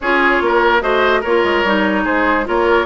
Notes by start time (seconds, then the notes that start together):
0.00 C#4 F4 G#4 C#5
0.41 A#3 A#4
0.80 A3 F#4 C5 D#5
1.20 A#3 F4 A#4 C#5
1.43 G#3
1.64 G3 D#4
2.04 G#3 G#4 C5
2.44 A#3 F4 A#4 C#5